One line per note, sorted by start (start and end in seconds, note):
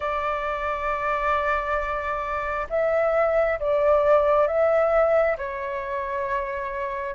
0.00 2.67 D5
2.69 3.59 E5
3.59 4.47 D5
4.47 5.36 E5
5.37 7.15 C#5